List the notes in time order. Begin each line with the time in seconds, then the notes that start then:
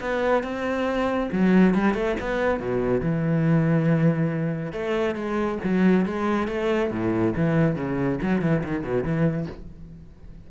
0.00 B3
0.43 C4
1.32 F#3
1.74 G3
1.94 A3
2.20 B3
2.60 B2
3.01 E3
4.72 A3
5.15 G#3
5.63 F#3
6.05 G#3
6.47 A3
6.91 A2
7.36 E3
7.76 C#3
8.22 F#3
8.42 E3
8.64 D#3
8.84 B2
9.03 E3